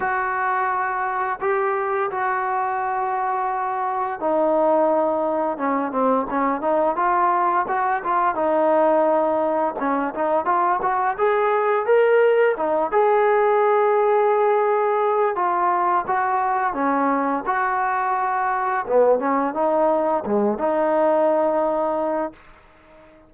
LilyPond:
\new Staff \with { instrumentName = "trombone" } { \time 4/4 \tempo 4 = 86 fis'2 g'4 fis'4~ | fis'2 dis'2 | cis'8 c'8 cis'8 dis'8 f'4 fis'8 f'8 | dis'2 cis'8 dis'8 f'8 fis'8 |
gis'4 ais'4 dis'8 gis'4.~ | gis'2 f'4 fis'4 | cis'4 fis'2 b8 cis'8 | dis'4 gis8 dis'2~ dis'8 | }